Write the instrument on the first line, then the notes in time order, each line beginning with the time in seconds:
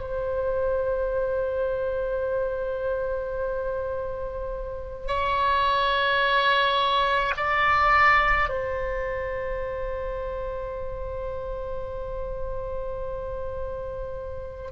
oboe
0.00 C5
5.07 C#5
7.37 D5
8.49 C5